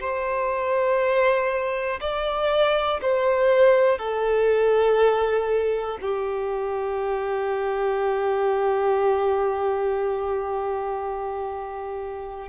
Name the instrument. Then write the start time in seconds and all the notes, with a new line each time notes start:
violin
0.00 C5
2.01 D5
3.02 C5
3.98 A4
6.01 G4